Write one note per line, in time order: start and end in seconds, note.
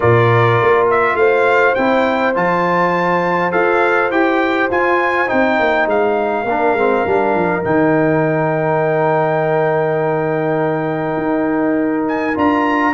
0.00 0.61 A#2
0.00 1.76 F4
0.00 1.18 A#4
0.00 0.87 D5
0.62 1.15 A#3
0.90 1.16 E5
1.15 1.73 A3
1.15 6.47 C5
1.15 1.74 F5
1.75 2.36 C4
1.75 2.34 E4
1.75 2.33 G5
2.34 3.53 F3
2.34 3.51 F4
2.34 3.51 A5
3.51 4.11 F4
3.51 4.10 A4
3.51 4.10 F5
4.11 4.69 E4
4.11 4.70 G4
4.11 4.70 G5
4.70 5.29 F4
4.70 5.27 F4
4.70 5.29 G#5
5.27 5.59 C4
5.27 6.45 D#4
5.27 5.87 G5
5.59 5.86 A#3
5.86 6.44 G#3
5.86 7.63 F5
6.44 6.73 A#3
6.44 6.77 D4
6.44 12.94 A#4
6.73 7.02 G#3
6.73 7.06 C4
7.06 7.34 G3
7.06 7.63 D4
7.34 7.64 F3
7.63 11.17 D#3
7.63 12.34 D#4
7.63 12.05 G5
11.17 12.34 D#4
12.07 12.37 G#5
12.34 12.94 D4
12.34 12.93 F4
12.34 12.94 A#5